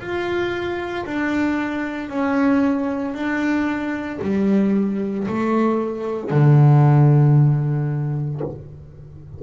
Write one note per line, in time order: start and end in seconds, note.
0.00 1.05 F4
1.06 2.10 D4
2.10 3.14 C#4
3.14 4.20 D4
4.22 5.27 G3
5.28 6.31 A3
6.31 8.41 D3